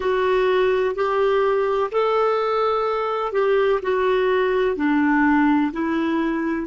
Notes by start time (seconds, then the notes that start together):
0.00 F#4
0.95 G4
1.91 A4
3.32 G4
3.82 F#4
4.76 D4
5.72 E4